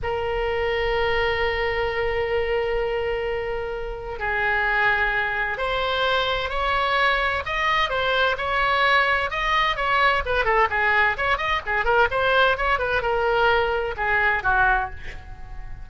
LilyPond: \new Staff \with { instrumentName = "oboe" } { \time 4/4 \tempo 4 = 129 ais'1~ | ais'1~ | ais'4 gis'2. | c''2 cis''2 |
dis''4 c''4 cis''2 | dis''4 cis''4 b'8 a'8 gis'4 | cis''8 dis''8 gis'8 ais'8 c''4 cis''8 b'8 | ais'2 gis'4 fis'4 | }